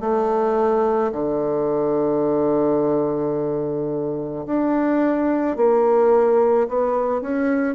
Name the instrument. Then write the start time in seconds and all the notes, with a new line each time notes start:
bassoon
0.00 A3
1.12 D3
4.46 D4
5.57 A#3
6.68 B3
7.21 C#4